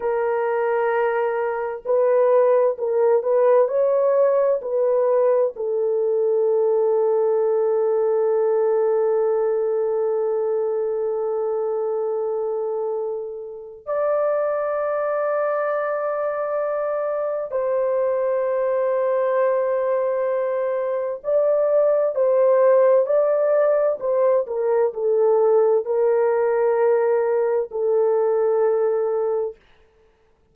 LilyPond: \new Staff \with { instrumentName = "horn" } { \time 4/4 \tempo 4 = 65 ais'2 b'4 ais'8 b'8 | cis''4 b'4 a'2~ | a'1~ | a'2. d''4~ |
d''2. c''4~ | c''2. d''4 | c''4 d''4 c''8 ais'8 a'4 | ais'2 a'2 | }